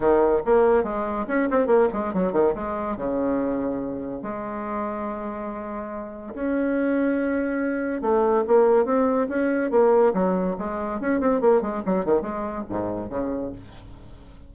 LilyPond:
\new Staff \with { instrumentName = "bassoon" } { \time 4/4 \tempo 4 = 142 dis4 ais4 gis4 cis'8 c'8 | ais8 gis8 fis8 dis8 gis4 cis4~ | cis2 gis2~ | gis2. cis'4~ |
cis'2. a4 | ais4 c'4 cis'4 ais4 | fis4 gis4 cis'8 c'8 ais8 gis8 | fis8 dis8 gis4 gis,4 cis4 | }